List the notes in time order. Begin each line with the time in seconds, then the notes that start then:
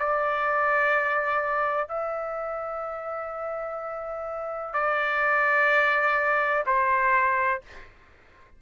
0.00 D5
1.88 E5
4.74 D5
6.67 C5